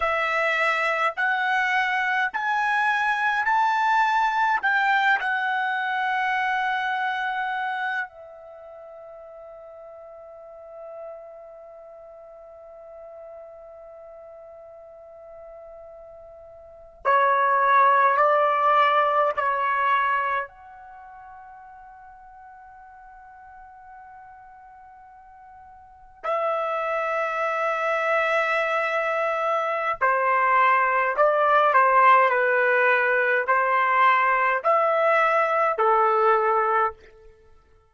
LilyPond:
\new Staff \with { instrumentName = "trumpet" } { \time 4/4 \tempo 4 = 52 e''4 fis''4 gis''4 a''4 | g''8 fis''2~ fis''8 e''4~ | e''1~ | e''2~ e''8. cis''4 d''16~ |
d''8. cis''4 fis''2~ fis''16~ | fis''2~ fis''8. e''4~ e''16~ | e''2 c''4 d''8 c''8 | b'4 c''4 e''4 a'4 | }